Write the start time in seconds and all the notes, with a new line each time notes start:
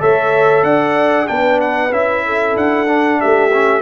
0.00 A3 A4 C#5 E5
0.64 D4 D5 F#5
1.27 B3 D4 B4 G5
1.61 F#5
1.92 C#4 E4 E5
2.26 A4
2.56 D4 F#5
2.88 D4
3.21 A3 G4 E5
3.53 C#4